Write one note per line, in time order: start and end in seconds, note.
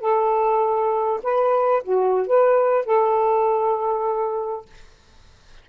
0.00 1.20 A4
1.23 1.83 B4
1.83 2.27 F#4
2.27 2.86 B4
2.86 4.66 A4